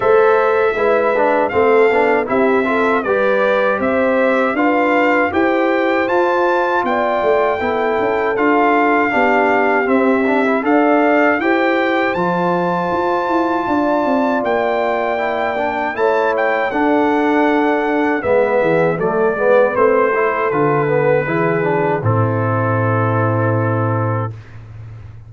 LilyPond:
<<
  \new Staff \with { instrumentName = "trumpet" } { \time 4/4 \tempo 4 = 79 e''2 f''4 e''4 | d''4 e''4 f''4 g''4 | a''4 g''2 f''4~ | f''4 e''4 f''4 g''4 |
a''2. g''4~ | g''4 a''8 g''8 fis''2 | e''4 d''4 c''4 b'4~ | b'4 a'2. | }
  \new Staff \with { instrumentName = "horn" } { \time 4/4 c''4 b'4 a'4 g'8 a'8 | b'4 c''4 b'4 c''4~ | c''4 d''4 a'2 | g'2 d''4 c''4~ |
c''2 d''2~ | d''4 cis''4 a'2 | b'8 gis'8 a'8 b'4 a'4. | gis'4 e'2. | }
  \new Staff \with { instrumentName = "trombone" } { \time 4/4 a'4 e'8 d'8 c'8 d'8 e'8 f'8 | g'2 f'4 g'4 | f'2 e'4 f'4 | d'4 c'8 d'16 e'16 a'4 g'4 |
f'1 | e'8 d'8 e'4 d'2 | b4 a8 b8 c'8 e'8 f'8 b8 | e'8 d'8 c'2. | }
  \new Staff \with { instrumentName = "tuba" } { \time 4/4 a4 gis4 a8 b8 c'4 | g4 c'4 d'4 e'4 | f'4 b8 a8 b8 cis'8 d'4 | b4 c'4 d'4 e'4 |
f4 f'8 e'8 d'8 c'8 ais4~ | ais4 a4 d'2 | gis8 e8 fis8 gis8 a4 d4 | e4 a,2. | }
>>